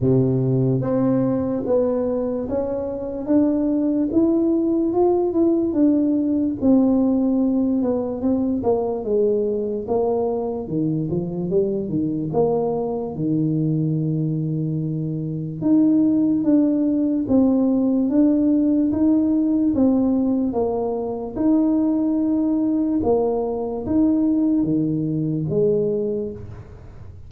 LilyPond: \new Staff \with { instrumentName = "tuba" } { \time 4/4 \tempo 4 = 73 c4 c'4 b4 cis'4 | d'4 e'4 f'8 e'8 d'4 | c'4. b8 c'8 ais8 gis4 | ais4 dis8 f8 g8 dis8 ais4 |
dis2. dis'4 | d'4 c'4 d'4 dis'4 | c'4 ais4 dis'2 | ais4 dis'4 dis4 gis4 | }